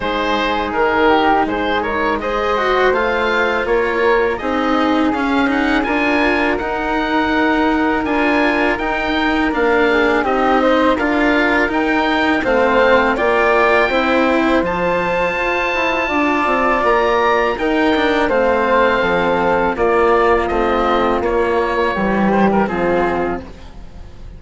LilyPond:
<<
  \new Staff \with { instrumentName = "oboe" } { \time 4/4 \tempo 4 = 82 c''4 ais'4 c''8 cis''8 dis''4 | f''4 cis''4 dis''4 f''8 fis''8 | gis''4 fis''2 gis''4 | g''4 f''4 dis''4 f''4 |
g''4 f''4 g''2 | a''2. ais''4 | g''4 f''2 d''4 | dis''4 cis''4. c''16 ais'16 gis'4 | }
  \new Staff \with { instrumentName = "flute" } { \time 4/4 gis'4. g'8 gis'8 ais'8 c''4~ | c''4 ais'4 gis'2 | ais'1~ | ais'4. gis'8 g'8 c''8 ais'4~ |
ais'4 c''4 d''4 c''4~ | c''2 d''2 | ais'4 c''4 a'4 f'4~ | f'2 g'4 f'4 | }
  \new Staff \with { instrumentName = "cello" } { \time 4/4 dis'2. gis'8 fis'8 | f'2 dis'4 cis'8 dis'8 | f'4 dis'2 f'4 | dis'4 d'4 dis'4 f'4 |
dis'4 c'4 f'4 e'4 | f'1 | dis'8 d'8 c'2 ais4 | c'4 ais4 g4 c'4 | }
  \new Staff \with { instrumentName = "bassoon" } { \time 4/4 gis4 dis4 gis2 | a4 ais4 c'4 cis'4 | d'4 dis'2 d'4 | dis'4 ais4 c'4 d'4 |
dis'4 a4 ais4 c'4 | f4 f'8 e'8 d'8 c'8 ais4 | dis'4 a4 f4 ais4 | a4 ais4 e4 f4 | }
>>